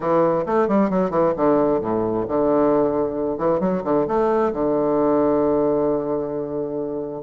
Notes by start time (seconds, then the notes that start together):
0.00 E3
0.46 A3
0.68 G3
0.90 F#3
1.10 E3
1.36 D3
1.80 A2
2.28 D3
3.38 E3
3.60 F#3
3.83 D3
4.07 A3
4.53 D3